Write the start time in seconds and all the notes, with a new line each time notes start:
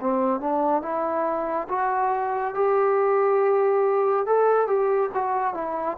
0.00 C4
0.40 D4
0.81 E4
1.69 F#4
2.54 G4
4.26 A4
4.67 G4
5.14 F#4
5.54 E4